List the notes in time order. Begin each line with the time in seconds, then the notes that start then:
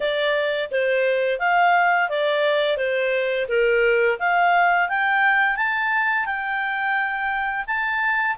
0.00 D5
0.71 C5
1.39 F5
2.09 D5
2.77 C5
3.48 A#4
4.19 F5
4.88 G5
5.56 A5
6.25 G5
7.66 A5